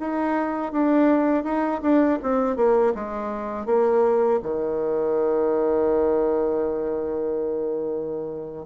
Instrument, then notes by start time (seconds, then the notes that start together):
bassoon
0.00 D#4
0.72 D4
1.44 D#4
1.82 D4
2.23 C4
2.56 A#3
2.95 G#3
3.66 A#3
4.43 D#3